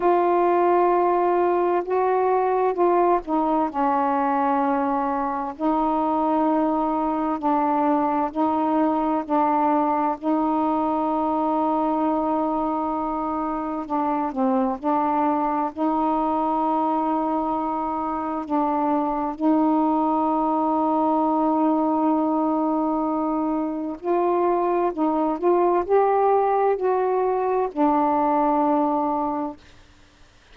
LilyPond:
\new Staff \with { instrumentName = "saxophone" } { \time 4/4 \tempo 4 = 65 f'2 fis'4 f'8 dis'8 | cis'2 dis'2 | d'4 dis'4 d'4 dis'4~ | dis'2. d'8 c'8 |
d'4 dis'2. | d'4 dis'2.~ | dis'2 f'4 dis'8 f'8 | g'4 fis'4 d'2 | }